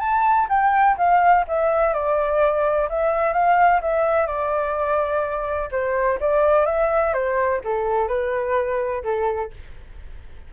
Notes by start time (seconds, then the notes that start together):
0.00 A5
0.49 G5
0.98 F5
1.48 E5
1.94 D5
2.90 E5
3.33 F5
3.82 E5
4.27 D5
5.72 C5
6.20 D5
6.66 E5
7.14 C5
7.64 A4
8.08 B4
9.04 A4